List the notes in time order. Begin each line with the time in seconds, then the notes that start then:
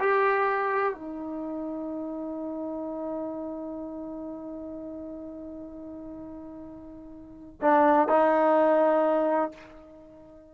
0.00 G4
0.94 D#4
7.62 D4
8.09 D#4